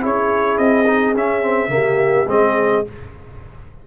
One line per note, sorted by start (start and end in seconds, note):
0.00 0.58 C#4
0.00 0.85 E4
0.00 1.71 G#4
0.00 0.58 C#5
0.58 1.15 C4
0.58 1.14 D#5
0.86 1.14 D#4
1.15 1.68 C#4
1.15 1.42 C#4
1.15 2.29 E5
1.42 1.69 C4
1.68 2.25 C#3
1.68 2.25 A#3
1.68 2.29 G4
2.27 2.83 G#3
2.27 2.85 C4
2.27 2.87 G#4
2.27 2.86 D#5